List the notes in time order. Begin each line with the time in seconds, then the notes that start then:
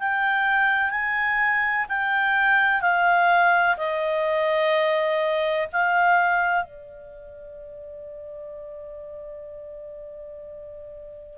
0.00 G5
0.91 G#5
1.89 G5
2.82 F5
3.77 D#5
5.73 F5
6.65 D5